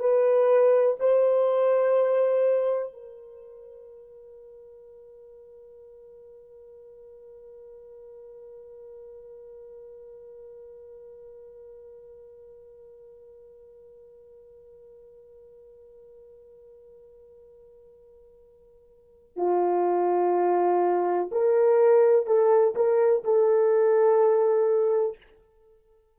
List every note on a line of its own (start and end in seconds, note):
0.00 0.97 B4
1.00 2.93 C5
2.93 19.37 A#4
19.37 21.30 F4
21.32 22.27 A#4
22.27 22.75 A4
22.76 23.24 A#4
23.24 25.17 A4